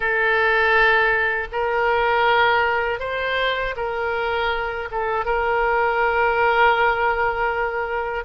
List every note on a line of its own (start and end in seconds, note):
0.00 1.48 A4
1.51 2.99 A#4
2.99 3.74 C5
3.76 4.89 A#4
4.91 5.25 A4
5.25 8.24 A#4